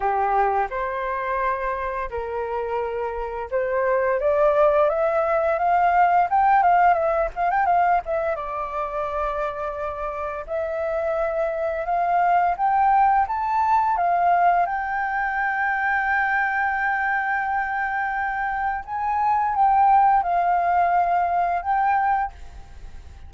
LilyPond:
\new Staff \with { instrumentName = "flute" } { \time 4/4 \tempo 4 = 86 g'4 c''2 ais'4~ | ais'4 c''4 d''4 e''4 | f''4 g''8 f''8 e''8 f''16 g''16 f''8 e''8 | d''2. e''4~ |
e''4 f''4 g''4 a''4 | f''4 g''2.~ | g''2. gis''4 | g''4 f''2 g''4 | }